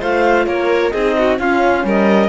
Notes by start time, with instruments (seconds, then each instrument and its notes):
0.00 cello A3, horn F4, violin C5, clarinet F5
0.47 cello A#3, violin A#4, clarinet C#5
0.91 cello C4, horn D#4, violin G#4, clarinet D#5
1.19 violin F#4
1.39 cello C#4, horn C#4, violin F4, clarinet F5
1.84 cello G3, violin A#4, clarinet D#5